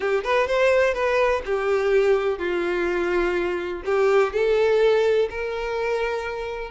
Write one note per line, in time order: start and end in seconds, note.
0.00 0.24 G4
0.24 0.47 B4
0.47 0.94 C5
0.94 1.42 B4
1.45 2.38 G4
2.38 3.82 F4
3.85 4.32 G4
4.32 5.28 A4
5.30 6.70 A#4